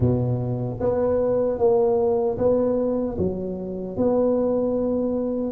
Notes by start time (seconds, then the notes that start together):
0.00 B2
0.80 B3
1.58 A#3
2.38 B3
3.18 F#3
3.96 B3